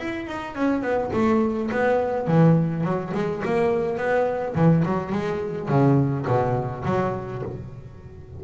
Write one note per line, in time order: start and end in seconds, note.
0.00 0.27 E4
0.27 0.56 D#4
0.56 0.83 C#4
0.83 1.11 B3
1.13 1.70 A3
1.72 2.28 B3
2.28 2.84 E3
2.84 3.13 F#3
3.15 3.43 G#3
3.45 3.98 A#3
3.98 4.55 B3
4.56 4.84 E3
4.85 5.12 F#3
5.12 5.69 G#3
5.69 6.26 C#3
6.28 6.85 B2
6.85 7.42 F#3